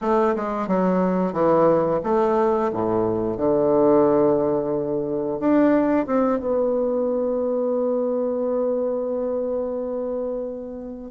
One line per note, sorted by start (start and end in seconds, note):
0.01 0.35 A3
0.35 0.67 G#3
0.67 1.32 F#3
1.32 2.00 E3
2.03 2.71 A3
2.72 3.37 A2
3.37 5.39 D3
5.39 6.06 D4
6.06 6.39 C4
6.39 11.11 B3